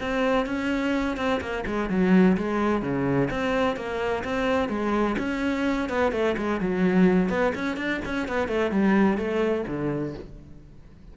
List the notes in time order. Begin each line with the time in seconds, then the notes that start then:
0.00 C4
0.46 C#4
1.16 C4
1.40 A#3
1.66 G#3
1.89 F#3
2.37 G#3
2.82 C#3
3.30 C4
3.76 A#3
4.24 C4
4.69 G#3
5.18 C#4
5.89 B3
6.12 A3
6.37 G#3
6.60 F#3
7.29 B3
7.54 C#4
7.76 D4
8.05 C#4
8.28 B3
8.48 A3
8.71 G3
9.17 A3
9.67 D3